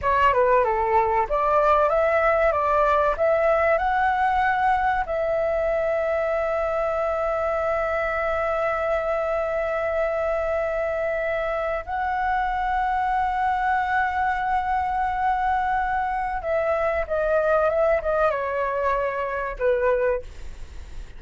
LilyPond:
\new Staff \with { instrumentName = "flute" } { \time 4/4 \tempo 4 = 95 cis''8 b'8 a'4 d''4 e''4 | d''4 e''4 fis''2 | e''1~ | e''1~ |
e''2~ e''8. fis''4~ fis''16~ | fis''1~ | fis''2 e''4 dis''4 | e''8 dis''8 cis''2 b'4 | }